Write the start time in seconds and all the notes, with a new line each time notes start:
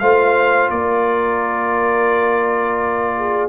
0.00 A3 F4 C5 F5
0.70 A#3 A#4 D5
3.17 G#4